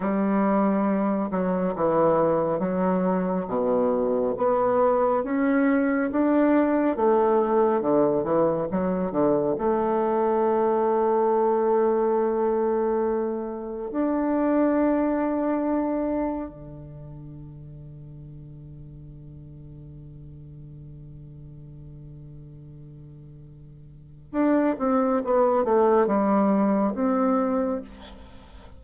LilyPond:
\new Staff \with { instrumentName = "bassoon" } { \time 4/4 \tempo 4 = 69 g4. fis8 e4 fis4 | b,4 b4 cis'4 d'4 | a4 d8 e8 fis8 d8 a4~ | a1 |
d'2. d4~ | d1~ | d1 | d'8 c'8 b8 a8 g4 c'4 | }